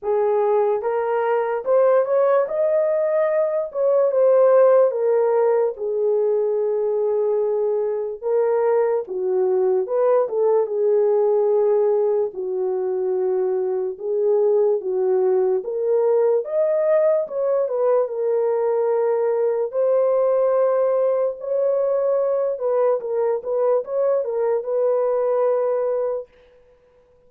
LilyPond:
\new Staff \with { instrumentName = "horn" } { \time 4/4 \tempo 4 = 73 gis'4 ais'4 c''8 cis''8 dis''4~ | dis''8 cis''8 c''4 ais'4 gis'4~ | gis'2 ais'4 fis'4 | b'8 a'8 gis'2 fis'4~ |
fis'4 gis'4 fis'4 ais'4 | dis''4 cis''8 b'8 ais'2 | c''2 cis''4. b'8 | ais'8 b'8 cis''8 ais'8 b'2 | }